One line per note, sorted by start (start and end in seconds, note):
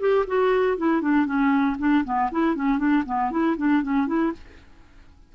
0.00 0.25 G4
0.27 0.77 F#4
0.77 1.01 E4
1.01 1.26 D4
1.26 1.77 C#4
1.79 2.04 D4
2.05 2.30 B3
2.32 2.55 E4
2.55 2.78 C#4
2.78 3.03 D4
3.06 3.31 B3
3.31 3.56 E4
3.57 3.82 D4
3.83 4.07 C#4
4.07 4.32 E4